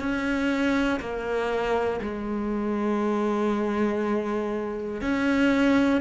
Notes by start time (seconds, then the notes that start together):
0.00 C#4
1.00 A#3
2.01 G#3
5.01 C#4